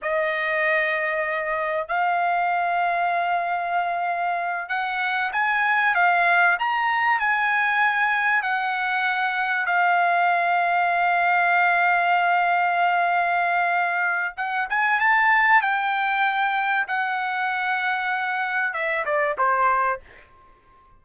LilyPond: \new Staff \with { instrumentName = "trumpet" } { \time 4/4 \tempo 4 = 96 dis''2. f''4~ | f''2.~ f''8 fis''8~ | fis''8 gis''4 f''4 ais''4 gis''8~ | gis''4. fis''2 f''8~ |
f''1~ | f''2. fis''8 gis''8 | a''4 g''2 fis''4~ | fis''2 e''8 d''8 c''4 | }